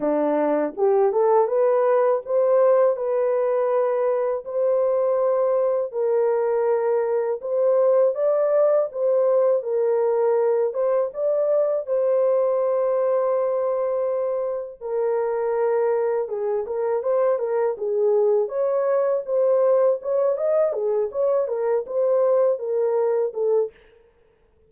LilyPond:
\new Staff \with { instrumentName = "horn" } { \time 4/4 \tempo 4 = 81 d'4 g'8 a'8 b'4 c''4 | b'2 c''2 | ais'2 c''4 d''4 | c''4 ais'4. c''8 d''4 |
c''1 | ais'2 gis'8 ais'8 c''8 ais'8 | gis'4 cis''4 c''4 cis''8 dis''8 | gis'8 cis''8 ais'8 c''4 ais'4 a'8 | }